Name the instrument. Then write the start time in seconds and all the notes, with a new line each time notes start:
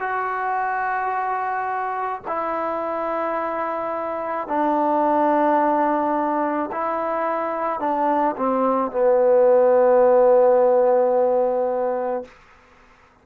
trombone
0.00 F#4
2.28 E4
4.48 D4
6.72 E4
7.80 D4
8.37 C4
8.92 B3